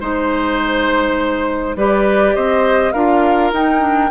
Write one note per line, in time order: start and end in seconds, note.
0.00 1.76 G#3
0.00 1.77 D#4
0.00 1.76 C5
0.00 1.77 C5
1.76 2.34 G3
1.76 2.95 G4
1.76 2.35 B4
1.76 2.35 D5
2.35 2.94 C4
2.35 2.93 C5
2.35 2.92 D#5
2.92 3.52 D4
2.92 3.54 F4
2.92 4.11 A#4
2.92 3.51 F5
3.52 4.11 D#4
3.52 3.80 D#4
3.52 4.11 G5
3.80 4.09 D4